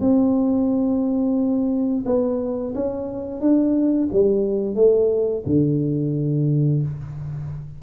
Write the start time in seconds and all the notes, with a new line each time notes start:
0.00 C4
2.05 B3
2.75 C#4
3.40 D4
4.12 G3
4.75 A3
5.45 D3